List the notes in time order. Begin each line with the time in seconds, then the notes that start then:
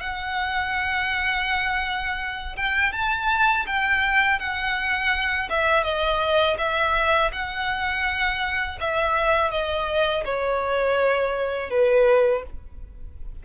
0.00 F#5
2.56 G5
2.93 A5
3.66 G5
4.39 F#5
5.49 E5
5.84 D#5
6.58 E5
7.33 F#5
8.80 E5
9.51 D#5
10.25 C#5
11.70 B4